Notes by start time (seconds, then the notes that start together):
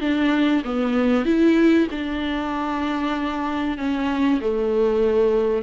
0.00 D4
0.64 B3
1.25 E4
1.90 D4
3.77 C#4
4.40 A3